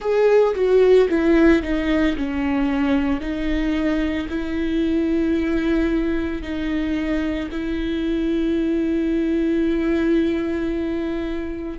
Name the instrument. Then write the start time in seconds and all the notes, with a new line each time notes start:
viola
0.00 G#4
0.55 F#4
1.09 E4
1.62 D#4
2.16 C#4
3.20 D#4
4.29 E4
6.41 D#4
7.50 E4